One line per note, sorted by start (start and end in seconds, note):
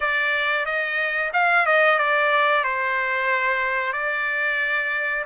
0.00 0.65 D5
0.65 1.31 D#5
1.33 1.66 F5
1.66 1.98 D#5
1.98 2.64 D5
2.64 3.93 C5
3.93 5.24 D5